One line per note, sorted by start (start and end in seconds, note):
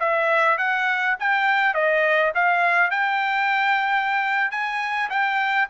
0.00 0.58 E5
0.58 1.16 F#5
1.20 1.74 G5
1.74 2.33 D#5
2.35 2.91 F5
2.91 4.51 G5
4.51 5.10 G#5
5.10 5.68 G5